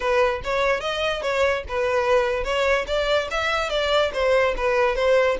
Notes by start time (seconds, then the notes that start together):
0.00 B4
0.43 C#5
0.80 D#5
1.22 C#5
1.68 B4
2.44 C#5
2.87 D5
3.30 E5
3.69 D5
4.13 C5
4.56 B4
4.95 C5